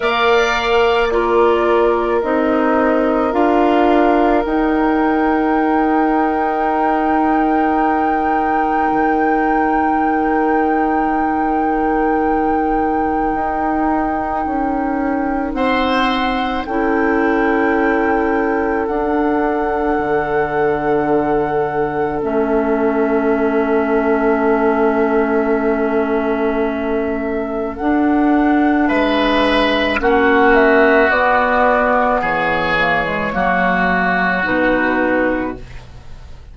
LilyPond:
<<
  \new Staff \with { instrumentName = "flute" } { \time 4/4 \tempo 4 = 54 f''4 d''4 dis''4 f''4 | g''1~ | g''1~ | g''2 fis''4 g''4~ |
g''4 fis''2. | e''1~ | e''4 fis''4 e''4 fis''8 e''8 | d''4 cis''2 b'4 | }
  \new Staff \with { instrumentName = "oboe" } { \time 4/4 d''4 ais'2.~ | ais'1~ | ais'1~ | ais'2 c''4 a'4~ |
a'1~ | a'1~ | a'2 b'4 fis'4~ | fis'4 gis'4 fis'2 | }
  \new Staff \with { instrumentName = "clarinet" } { \time 4/4 ais'4 f'4 dis'4 f'4 | dis'1~ | dis'1~ | dis'2. e'4~ |
e'4 d'2. | cis'1~ | cis'4 d'2 cis'4 | b4. ais16 gis16 ais4 dis'4 | }
  \new Staff \with { instrumentName = "bassoon" } { \time 4/4 ais2 c'4 d'4 | dis'1 | dis1 | dis'4 cis'4 c'4 cis'4~ |
cis'4 d'4 d2 | a1~ | a4 d'4 gis4 ais4 | b4 e4 fis4 b,4 | }
>>